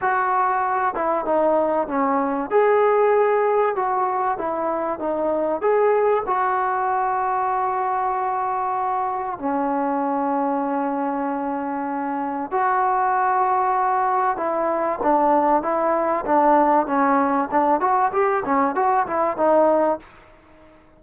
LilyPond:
\new Staff \with { instrumentName = "trombone" } { \time 4/4 \tempo 4 = 96 fis'4. e'8 dis'4 cis'4 | gis'2 fis'4 e'4 | dis'4 gis'4 fis'2~ | fis'2. cis'4~ |
cis'1 | fis'2. e'4 | d'4 e'4 d'4 cis'4 | d'8 fis'8 g'8 cis'8 fis'8 e'8 dis'4 | }